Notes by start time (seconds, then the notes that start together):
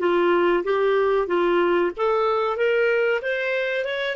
0.00 F4
0.64 G4
1.28 F4
1.97 A4
2.57 A#4
3.22 C5
3.85 C#5